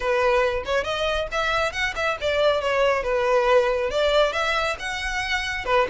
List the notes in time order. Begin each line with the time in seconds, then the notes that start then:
0.00 B4
0.65 C#5
0.84 D#5
1.31 E5
1.72 F#5
1.95 E5
2.20 D5
2.61 C#5
3.03 B4
3.90 D5
4.33 E5
4.79 F#5
5.65 B4